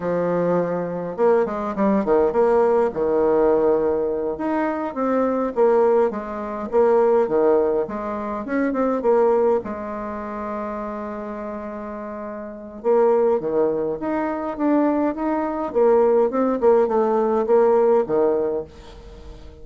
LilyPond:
\new Staff \with { instrumentName = "bassoon" } { \time 4/4 \tempo 4 = 103 f2 ais8 gis8 g8 dis8 | ais4 dis2~ dis8 dis'8~ | dis'8 c'4 ais4 gis4 ais8~ | ais8 dis4 gis4 cis'8 c'8 ais8~ |
ais8 gis2.~ gis8~ | gis2 ais4 dis4 | dis'4 d'4 dis'4 ais4 | c'8 ais8 a4 ais4 dis4 | }